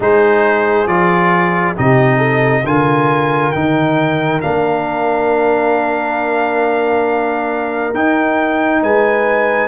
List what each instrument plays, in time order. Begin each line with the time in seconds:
0.00 tuba G#3, trombone D#4, horn G#4, trumpet C5
0.87 tuba F3, trombone F4, trumpet D5
1.76 tuba C3, trombone D#4, horn G4, trumpet D#5
2.17 horn A4
2.64 tuba D3, trombone F4, horn A#4, trumpet G#5
3.52 tuba D#3, trombone D#4, trumpet G5
4.41 tuba A#3, trombone D4, trumpet F5
7.94 tuba D#4, trombone D#4, trumpet G5
8.81 tuba G#3, horn B4, trumpet G#5